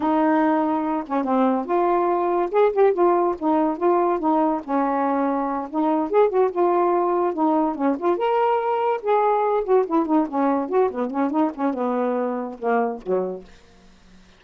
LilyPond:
\new Staff \with { instrumentName = "saxophone" } { \time 4/4 \tempo 4 = 143 dis'2~ dis'8 cis'8 c'4 | f'2 gis'8 g'8 f'4 | dis'4 f'4 dis'4 cis'4~ | cis'4. dis'4 gis'8 fis'8 f'8~ |
f'4. dis'4 cis'8 f'8 ais'8~ | ais'4. gis'4. fis'8 e'8 | dis'8 cis'4 fis'8 b8 cis'8 dis'8 cis'8 | b2 ais4 fis4 | }